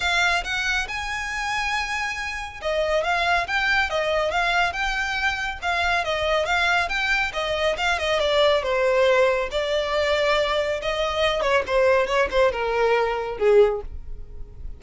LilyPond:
\new Staff \with { instrumentName = "violin" } { \time 4/4 \tempo 4 = 139 f''4 fis''4 gis''2~ | gis''2 dis''4 f''4 | g''4 dis''4 f''4 g''4~ | g''4 f''4 dis''4 f''4 |
g''4 dis''4 f''8 dis''8 d''4 | c''2 d''2~ | d''4 dis''4. cis''8 c''4 | cis''8 c''8 ais'2 gis'4 | }